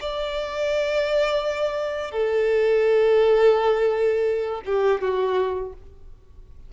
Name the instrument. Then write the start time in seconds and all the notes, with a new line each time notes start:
violin
0.00 D5
2.11 A4
4.66 G4
5.01 F#4